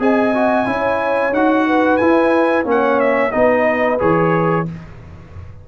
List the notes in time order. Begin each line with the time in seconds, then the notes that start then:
0.00 C4 G#4 D#5 G#5
0.34 F#4
0.66 C#4 E4 C#5
1.32 D#4 F#4 F#5
1.67 B4
1.97 E4 G#5
2.64 A#3 C#4 C#5 F#5
3.00 E5
3.32 B3 D#4 B4 D#5
3.99 E3 G#4 C#5